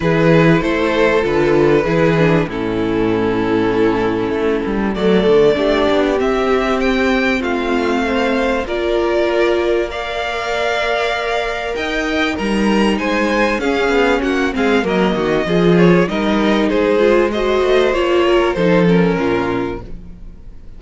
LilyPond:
<<
  \new Staff \with { instrumentName = "violin" } { \time 4/4 \tempo 4 = 97 b'4 c''4 b'2 | a'1 | d''2 e''4 g''4 | f''2 d''2 |
f''2. g''4 | ais''4 gis''4 f''4 fis''8 f''8 | dis''4. cis''8 dis''4 c''4 | dis''4 cis''4 c''8 ais'4. | }
  \new Staff \with { instrumentName = "violin" } { \time 4/4 gis'4 a'2 gis'4 | e'1 | a'4 g'2. | f'4 c''4 ais'2 |
d''2. dis''4 | ais'4 c''4 gis'4 fis'8 gis'8 | ais'8 fis'8 gis'4 ais'4 gis'4 | c''4. ais'8 a'4 f'4 | }
  \new Staff \with { instrumentName = "viola" } { \time 4/4 e'2 f'4 e'8 d'8 | cis'1 | a4 d'4 c'2~ | c'2 f'2 |
ais'1 | dis'2 cis'4. c'8 | ais4 f'4 dis'4. f'8 | fis'4 f'4 dis'8 cis'4. | }
  \new Staff \with { instrumentName = "cello" } { \time 4/4 e4 a4 d4 e4 | a,2. a8 g8 | fis8 d8 a8 b8 c'2 | a2 ais2~ |
ais2. dis'4 | g4 gis4 cis'8 b8 ais8 gis8 | fis8 dis8 f4 g4 gis4~ | gis8 a8 ais4 f4 ais,4 | }
>>